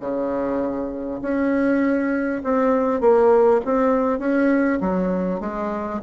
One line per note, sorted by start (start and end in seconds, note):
0.00 1.20 C#3
1.22 2.42 C#4
2.44 3.01 C4
3.01 3.61 A#3
3.65 4.19 C4
4.19 4.79 C#4
4.81 5.40 F#3
5.40 6.00 G#3